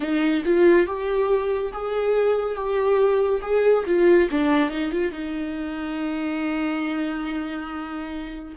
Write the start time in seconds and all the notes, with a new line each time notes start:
0.00 D#4
0.44 F4
0.86 G4
1.72 G#4
2.55 G4
3.41 G#4
3.86 F4
4.31 D4
4.70 D#4
4.91 F4
5.12 D#4